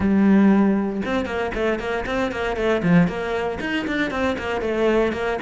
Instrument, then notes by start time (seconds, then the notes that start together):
cello
0.00 G3
1.05 C4
1.25 A#3
1.54 A3
1.79 A#3
2.05 C4
2.31 A#3
2.56 A3
2.82 F3
3.07 A#3
3.60 D#4
3.87 D4
4.10 C4
4.38 A#3
4.61 A3
5.12 A#3